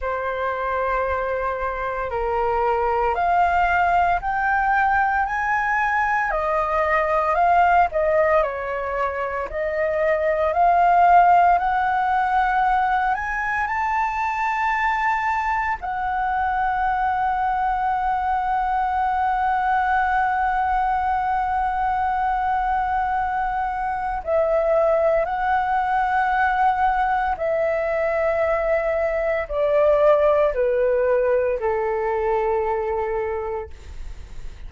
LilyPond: \new Staff \with { instrumentName = "flute" } { \time 4/4 \tempo 4 = 57 c''2 ais'4 f''4 | g''4 gis''4 dis''4 f''8 dis''8 | cis''4 dis''4 f''4 fis''4~ | fis''8 gis''8 a''2 fis''4~ |
fis''1~ | fis''2. e''4 | fis''2 e''2 | d''4 b'4 a'2 | }